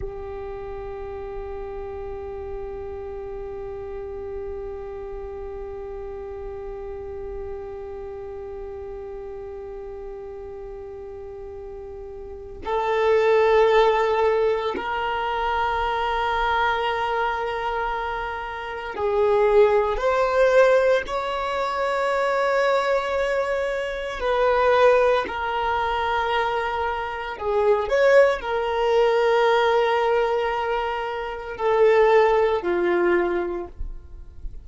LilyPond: \new Staff \with { instrumentName = "violin" } { \time 4/4 \tempo 4 = 57 g'1~ | g'1~ | g'1 | a'2 ais'2~ |
ais'2 gis'4 c''4 | cis''2. b'4 | ais'2 gis'8 cis''8 ais'4~ | ais'2 a'4 f'4 | }